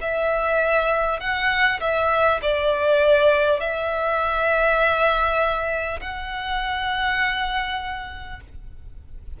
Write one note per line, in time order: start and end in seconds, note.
0.00 1.19 E5
1.19 1.79 F#5
1.80 2.40 E5
2.42 3.59 D5
3.59 5.99 E5
6.00 8.40 F#5